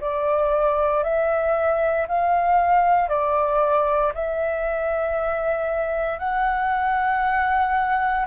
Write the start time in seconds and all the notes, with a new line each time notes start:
0.00 D5
1.03 E5
2.08 F5
3.09 D5
4.14 E5
6.19 F#5